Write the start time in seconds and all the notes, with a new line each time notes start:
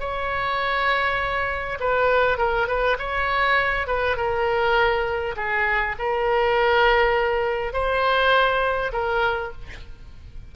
0.00 C#5
1.80 B4
2.38 A#4
2.67 B4
2.98 C#5
3.87 B4
4.17 A#4
5.36 G#4
5.99 A#4
7.73 C5
8.93 A#4